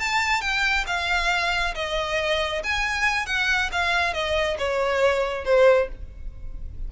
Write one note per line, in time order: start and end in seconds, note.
0.00 0.42 A5
0.42 0.85 G5
0.87 1.75 F5
1.75 2.63 D#5
2.64 3.26 G#5
3.26 3.70 F#5
3.72 4.14 F5
4.14 4.58 D#5
4.59 5.45 C#5
5.45 5.89 C5